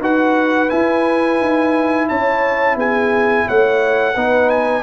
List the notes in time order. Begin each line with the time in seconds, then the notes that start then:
0.00 D#4 F#4 B4 F#5
0.70 E4 G#5
1.41 D#4
2.08 C#4 C#5 A5
2.75 B3 G#4 G#5
3.47 A3 C#5 F#5
4.14 B3 D#4 B4
4.50 G#5